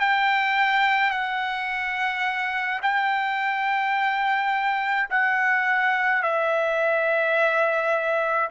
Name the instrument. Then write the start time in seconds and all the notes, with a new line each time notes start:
trumpet
0.00 G5
1.11 F#5
2.83 G5
5.10 F#5
6.23 E5